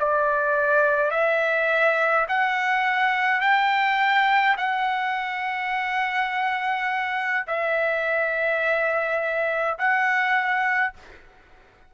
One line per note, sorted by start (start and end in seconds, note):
0.00 1.11 D5
1.11 2.27 E5
2.29 3.41 F#5
3.41 4.56 G5
4.58 7.46 F#5
7.47 9.78 E5
9.79 10.94 F#5